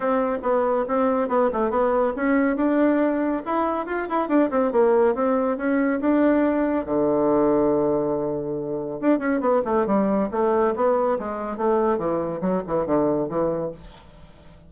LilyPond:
\new Staff \with { instrumentName = "bassoon" } { \time 4/4 \tempo 4 = 140 c'4 b4 c'4 b8 a8 | b4 cis'4 d'2 | e'4 f'8 e'8 d'8 c'8 ais4 | c'4 cis'4 d'2 |
d1~ | d4 d'8 cis'8 b8 a8 g4 | a4 b4 gis4 a4 | e4 fis8 e8 d4 e4 | }